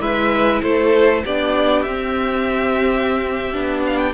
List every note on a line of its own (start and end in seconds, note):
0.00 0.61 G#3
0.00 1.23 E4
0.00 0.61 B4
0.00 0.61 E5
0.61 1.24 A3
0.61 1.23 A4
0.61 1.23 C5
1.24 1.86 B3
1.24 1.86 D4
1.24 4.13 G4
1.24 1.82 D5
1.82 3.53 C4
1.82 3.54 C4
1.82 3.81 E5
3.53 4.13 B3
3.53 4.13 D4
3.86 3.97 F5
3.97 4.12 G5